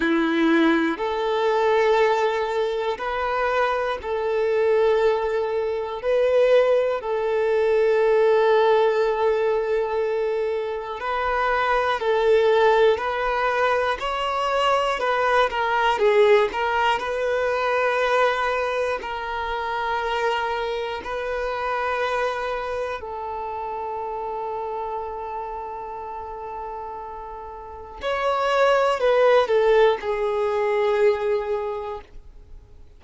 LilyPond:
\new Staff \with { instrumentName = "violin" } { \time 4/4 \tempo 4 = 60 e'4 a'2 b'4 | a'2 b'4 a'4~ | a'2. b'4 | a'4 b'4 cis''4 b'8 ais'8 |
gis'8 ais'8 b'2 ais'4~ | ais'4 b'2 a'4~ | a'1 | cis''4 b'8 a'8 gis'2 | }